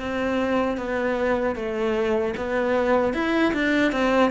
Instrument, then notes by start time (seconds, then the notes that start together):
cello
0.00 C4
0.78 B3
1.56 A3
2.37 B3
3.14 E4
3.54 D4
3.92 C4